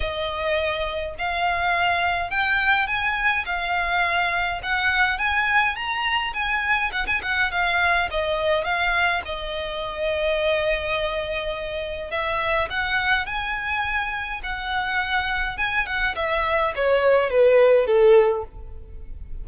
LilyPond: \new Staff \with { instrumentName = "violin" } { \time 4/4 \tempo 4 = 104 dis''2 f''2 | g''4 gis''4 f''2 | fis''4 gis''4 ais''4 gis''4 | fis''16 gis''16 fis''8 f''4 dis''4 f''4 |
dis''1~ | dis''4 e''4 fis''4 gis''4~ | gis''4 fis''2 gis''8 fis''8 | e''4 cis''4 b'4 a'4 | }